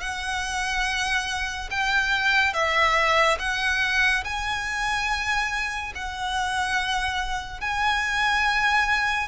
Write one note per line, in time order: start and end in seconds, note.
0.00 1.69 F#5
1.70 2.53 G5
2.53 3.38 E5
3.39 4.23 F#5
4.24 5.93 G#5
5.95 7.60 F#5
7.60 9.28 G#5